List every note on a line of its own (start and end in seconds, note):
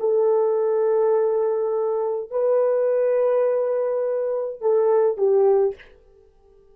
0.00 2.31 A4
2.31 4.61 B4
4.61 5.18 A4
5.18 5.75 G4